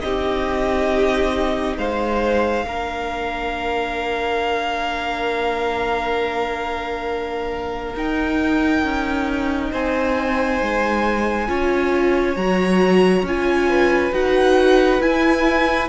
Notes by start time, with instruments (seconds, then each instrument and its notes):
0.00 cello C4, viola D#4, violin G4 D#5
1.77 cello G#3, violin C5 F5
2.65 cello A#3, viola D4, violin A#4
7.95 cello D#4, viola D#4, violin G5
8.83 cello C#4
9.71 cello C4, violin C5 G#5
10.62 cello G#3
11.47 cello C#4, viola F4, violin C#5
12.36 cello F#3, viola F#4, violin A#5
13.23 cello C#4, viola F4, violin G#5
13.69 violin B4
14.12 cello D#4, viola F#4, violin F#5
15.01 viola E4, cello E4, violin G#5